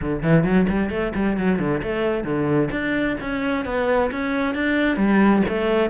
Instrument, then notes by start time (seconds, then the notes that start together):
cello
0.01 D3
0.22 E3
0.44 F#3
0.68 G3
0.90 A3
1.15 G3
1.37 F#3
1.59 D3
1.82 A3
2.24 D3
2.71 D4
3.20 C#4
3.65 B3
4.11 C#4
4.55 D4
4.97 G3
5.48 A3